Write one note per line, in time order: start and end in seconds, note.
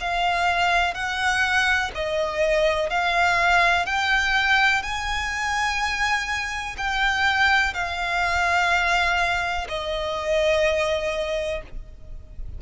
0.00 0.94 F5
0.94 1.91 F#5
1.94 2.89 D#5
2.89 3.86 F5
3.86 4.83 G5
4.83 6.76 G#5
6.77 7.73 G5
7.73 9.67 F5
9.68 11.62 D#5